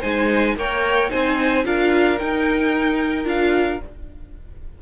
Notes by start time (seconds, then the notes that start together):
0.00 G#3 D#4 C5 G#5
0.56 A#3 A#4 C#5 G5
1.09 C4 D#4 C5 G#5
1.64 D4 F4 A#4 F5
2.19 D#4 G5
3.24 D4 F4 F5